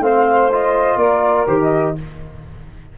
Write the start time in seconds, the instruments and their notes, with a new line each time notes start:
0.00 tuba A3, trombone C4, saxophone C5, flute F5
0.52 trombone F4, flute D#5
0.97 tuba A#3, saxophone A#4, flute D5
1.47 tuba D#3, trombone G4, flute C5
1.62 flute D#5